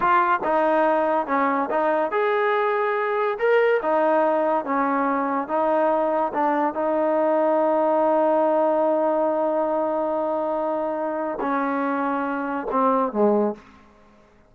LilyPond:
\new Staff \with { instrumentName = "trombone" } { \time 4/4 \tempo 4 = 142 f'4 dis'2 cis'4 | dis'4 gis'2. | ais'4 dis'2 cis'4~ | cis'4 dis'2 d'4 |
dis'1~ | dis'1~ | dis'2. cis'4~ | cis'2 c'4 gis4 | }